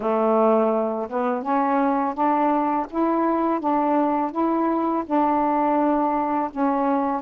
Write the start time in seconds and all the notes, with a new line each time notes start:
0.00 A3
1.09 B3
1.42 C#4
2.14 D4
2.89 E4
3.60 D4
4.31 E4
5.05 D4
6.51 C#4